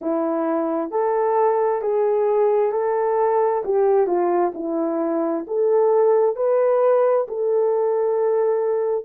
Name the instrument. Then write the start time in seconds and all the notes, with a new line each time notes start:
horn
0.01 E4
0.90 A4
1.81 G#4
2.72 A4
3.64 G4
4.06 F4
4.54 E4
5.47 A4
6.36 B4
7.27 A4